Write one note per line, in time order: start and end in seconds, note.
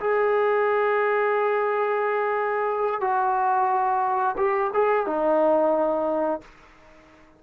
0.00 3.01 G#4
3.01 4.36 F#4
4.38 4.71 G4
4.74 5.07 G#4
5.07 6.41 D#4